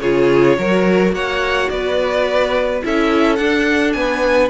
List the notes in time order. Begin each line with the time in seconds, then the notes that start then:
0.00 C#3 F4 G#4 C#5
0.57 F#3 F#4 A#4
1.12 A#3 C#5 F#5
1.69 B3 B4 D5
2.81 C#4 E4 A4 E5
3.36 D4 F#5
3.92 B3 B4 G#5